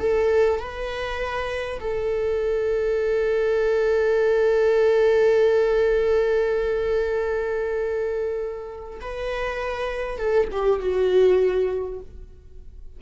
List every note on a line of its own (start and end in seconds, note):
0.00 0.60 A4
0.60 1.80 B4
1.81 9.01 A4
9.01 10.18 B4
10.18 10.48 A4
10.52 10.80 G4
10.80 12.00 F#4